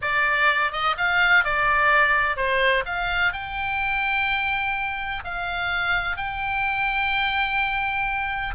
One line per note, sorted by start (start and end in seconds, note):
0.01 0.71 D5
0.71 0.95 D#5
0.97 1.44 F5
1.44 2.36 D5
2.36 2.84 C5
2.85 3.32 F5
3.32 5.23 G5
5.24 6.16 F5
6.16 8.55 G5